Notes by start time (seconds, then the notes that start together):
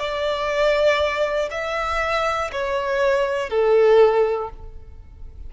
0.00 D5
1.51 E5
2.53 C#5
3.50 A4